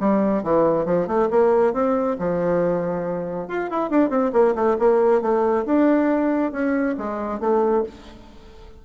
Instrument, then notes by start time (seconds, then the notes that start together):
bassoon
0.00 G3
0.43 E3
0.86 F3
1.07 A3
1.31 A#3
1.73 C4
2.19 F3
3.48 F4
3.70 E4
3.90 D4
4.10 C4
4.33 A#3
4.55 A3
4.79 A#3
5.22 A3
5.66 D4
6.52 C#4
6.98 G#3
7.40 A3